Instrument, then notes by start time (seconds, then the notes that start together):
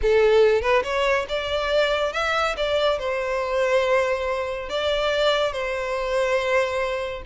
violin
0.02 A4
0.61 B4
0.83 C#5
1.28 D5
2.13 E5
2.56 D5
2.98 C5
4.69 D5
5.52 C5